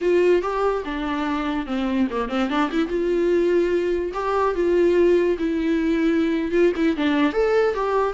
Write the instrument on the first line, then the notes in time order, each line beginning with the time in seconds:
viola
0.01 F4
0.42 G4
0.84 D4
1.66 C4
2.10 A#3
2.29 C4
2.49 D4
2.71 E4
2.88 F4
4.13 G4
4.54 F4
5.38 E4
6.51 F4
6.76 E4
6.96 D4
7.32 A4
7.74 G4